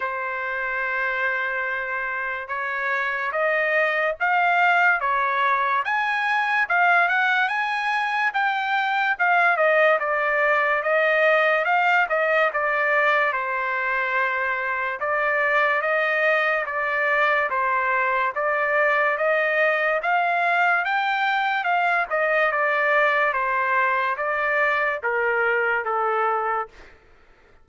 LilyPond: \new Staff \with { instrumentName = "trumpet" } { \time 4/4 \tempo 4 = 72 c''2. cis''4 | dis''4 f''4 cis''4 gis''4 | f''8 fis''8 gis''4 g''4 f''8 dis''8 | d''4 dis''4 f''8 dis''8 d''4 |
c''2 d''4 dis''4 | d''4 c''4 d''4 dis''4 | f''4 g''4 f''8 dis''8 d''4 | c''4 d''4 ais'4 a'4 | }